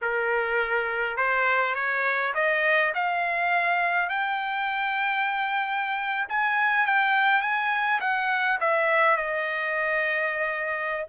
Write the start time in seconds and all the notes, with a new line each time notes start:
0.01 A#4
1.17 C5
1.74 C#5
2.34 D#5
2.94 F5
4.09 G5
6.28 G#5
6.86 G5
7.41 G#5
8.00 F#5
8.60 E5
9.16 D#5